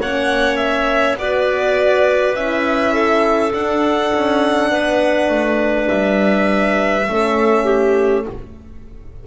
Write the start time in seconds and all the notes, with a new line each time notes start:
0.00 A#3 C#4 C#5 F#5
0.57 E5
1.17 B3 F#4 B4 D5
2.35 C#4 E4 E5
2.94 A4
3.52 D4 F#5
4.14 C#4
4.71 B3 B4
5.29 A3
5.88 G3 E5
7.09 A3 C#4 A4
7.65 G4